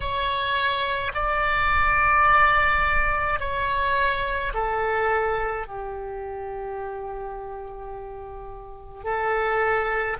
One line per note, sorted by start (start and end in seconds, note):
0.00 1.12 C#5
1.14 3.40 D5
3.40 4.53 C#5
4.53 5.67 A4
5.67 9.04 G4
9.04 10.17 A4